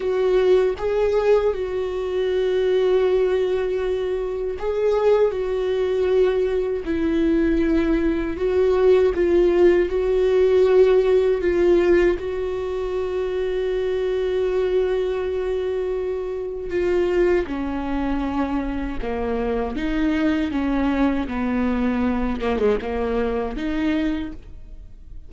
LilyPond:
\new Staff \with { instrumentName = "viola" } { \time 4/4 \tempo 4 = 79 fis'4 gis'4 fis'2~ | fis'2 gis'4 fis'4~ | fis'4 e'2 fis'4 | f'4 fis'2 f'4 |
fis'1~ | fis'2 f'4 cis'4~ | cis'4 ais4 dis'4 cis'4 | b4. ais16 gis16 ais4 dis'4 | }